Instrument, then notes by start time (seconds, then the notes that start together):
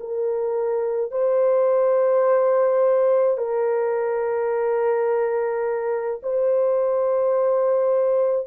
horn
0.00 A#4
1.12 C5
3.38 A#4
6.23 C5